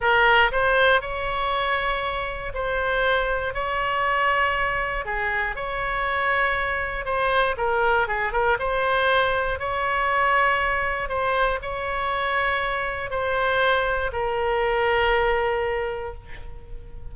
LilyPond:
\new Staff \with { instrumentName = "oboe" } { \time 4/4 \tempo 4 = 119 ais'4 c''4 cis''2~ | cis''4 c''2 cis''4~ | cis''2 gis'4 cis''4~ | cis''2 c''4 ais'4 |
gis'8 ais'8 c''2 cis''4~ | cis''2 c''4 cis''4~ | cis''2 c''2 | ais'1 | }